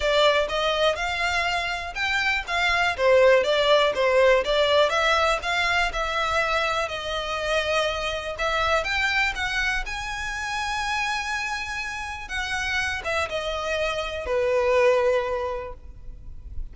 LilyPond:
\new Staff \with { instrumentName = "violin" } { \time 4/4 \tempo 4 = 122 d''4 dis''4 f''2 | g''4 f''4 c''4 d''4 | c''4 d''4 e''4 f''4 | e''2 dis''2~ |
dis''4 e''4 g''4 fis''4 | gis''1~ | gis''4 fis''4. e''8 dis''4~ | dis''4 b'2. | }